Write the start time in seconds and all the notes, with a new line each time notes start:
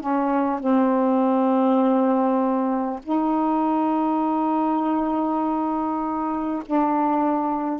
0.00 C#4
0.59 C4
3.03 D#4
6.65 D4